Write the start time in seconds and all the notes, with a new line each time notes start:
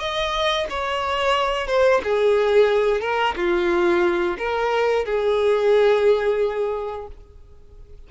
0.00 D#5
0.70 C#5
1.68 C5
2.04 G#4
3.02 A#4
3.36 F4
4.39 A#4
5.06 G#4